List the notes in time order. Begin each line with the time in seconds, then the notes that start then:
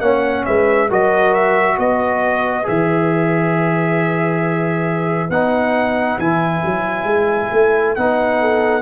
0.00 A#3 C#4 C#5 F#5
0.45 G#3 B4 E5
0.89 F#3 F#4 A#4 D#5
1.34 E5
1.77 B3 B4 D#5
2.63 E3 G#4 E5
5.29 B3 D#4 F#5
6.18 E3 E4 G#5
6.65 F#3
7.03 G#3
7.52 A3
7.95 B3 D#4 F#5
8.40 A4